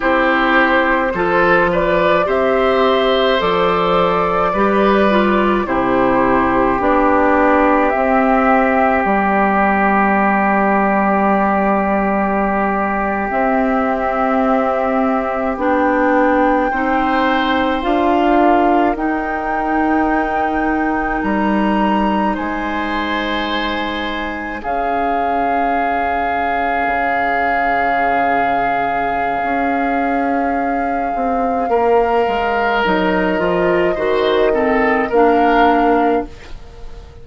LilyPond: <<
  \new Staff \with { instrumentName = "flute" } { \time 4/4 \tempo 4 = 53 c''4. d''8 e''4 d''4~ | d''4 c''4 d''4 e''4 | d''2.~ d''8. e''16~ | e''4.~ e''16 g''2 f''16~ |
f''8. g''2 ais''4 gis''16~ | gis''4.~ gis''16 f''2~ f''16~ | f''1~ | f''4 dis''2 f''4 | }
  \new Staff \with { instrumentName = "oboe" } { \time 4/4 g'4 a'8 b'8 c''2 | b'4 g'2.~ | g'1~ | g'2~ g'8. c''4~ c''16~ |
c''16 ais'2.~ ais'8 c''16~ | c''4.~ c''16 gis'2~ gis'16~ | gis'1 | ais'2 c''8 a'8 ais'4 | }
  \new Staff \with { instrumentName = "clarinet" } { \time 4/4 e'4 f'4 g'4 a'4 | g'8 f'8 e'4 d'4 c'4 | b2.~ b8. c'16~ | c'4.~ c'16 d'4 dis'4 f'16~ |
f'8. dis'2.~ dis'16~ | dis'4.~ dis'16 cis'2~ cis'16~ | cis'1~ | cis'4 dis'8 f'8 fis'8 c'8 d'4 | }
  \new Staff \with { instrumentName = "bassoon" } { \time 4/4 c'4 f4 c'4 f4 | g4 c4 b4 c'4 | g2.~ g8. c'16~ | c'4.~ c'16 b4 c'4 d'16~ |
d'8. dis'2 g4 gis16~ | gis4.~ gis16 cis'2 cis16~ | cis2 cis'4. c'8 | ais8 gis8 fis8 f8 dis4 ais4 | }
>>